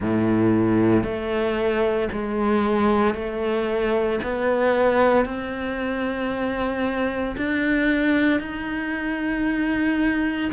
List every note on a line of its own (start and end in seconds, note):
0.00 1.03 A2
1.03 2.09 A3
2.11 3.14 G#3
3.14 4.19 A3
4.23 5.25 B3
5.25 7.35 C4
7.36 8.40 D4
8.40 10.50 D#4